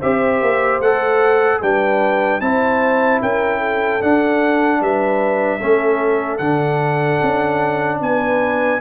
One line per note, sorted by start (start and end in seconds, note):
0.00 0.42 C4
0.00 0.83 G4
0.00 1.60 C5
0.00 0.81 E5
0.42 0.80 A#3
0.80 1.60 A3
0.80 1.63 A4
0.80 1.62 F#5
1.62 2.41 G3
1.62 2.41 D4
1.62 2.42 B4
1.62 2.41 G5
2.41 3.21 C4
2.41 4.01 E4
2.41 3.22 C5
2.41 3.21 A5
3.22 4.03 C#4
3.22 3.59 A#4
3.22 4.03 G5
3.59 4.79 A4
4.02 5.60 D4
4.02 4.81 D4
4.02 4.83 F#5
4.81 5.61 G3
4.81 5.59 B4
4.81 6.38 E5
5.59 6.40 A3
5.59 6.40 C#4
5.59 7.99 A4
6.38 7.20 D3
6.38 8.81 D4
6.38 7.98 F#5
7.23 8.01 C#4
8.01 8.81 B3
8.01 8.81 B4
8.01 8.81 G#5